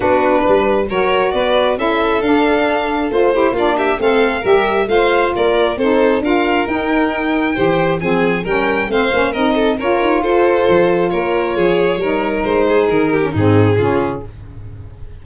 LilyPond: <<
  \new Staff \with { instrumentName = "violin" } { \time 4/4 \tempo 4 = 135 b'2 cis''4 d''4 | e''4 f''2 c''4 | d''8 e''8 f''4 e''4 f''4 | d''4 c''4 f''4 g''4~ |
g''2 gis''4 g''4 | f''4 dis''4 cis''4 c''4~ | c''4 cis''2. | c''4 ais'4 gis'2 | }
  \new Staff \with { instrumentName = "violin" } { \time 4/4 fis'4 b'4 ais'4 b'4 | a'2.~ a'8 g'8 | f'8 g'8 a'4 ais'4 c''4 | ais'4 a'4 ais'2~ |
ais'4 c''4 gis'4 ais'4 | c''4 ais'8 a'8 ais'4 a'4~ | a'4 ais'4 gis'4 ais'4~ | ais'8 gis'4 g'8 dis'4 f'4 | }
  \new Staff \with { instrumentName = "saxophone" } { \time 4/4 d'2 fis'2 | e'4 d'2 f'8 e'8 | d'4 c'4 g'4 f'4~ | f'4 dis'4 f'4 dis'4~ |
dis'4 g'4 c'4 cis'4 | c'8 cis'8 dis'4 f'2~ | f'2. dis'4~ | dis'4.~ dis'16 cis'16 c'4 cis'4 | }
  \new Staff \with { instrumentName = "tuba" } { \time 4/4 b4 g4 fis4 b4 | cis'4 d'2 a4 | ais4 a4 g4 a4 | ais4 c'4 d'4 dis'4~ |
dis'4 e4 f4 g4 | a8 ais8 c'4 cis'8 dis'8 f'4 | f4 ais4 f4 g4 | gis4 dis4 gis,4 cis4 | }
>>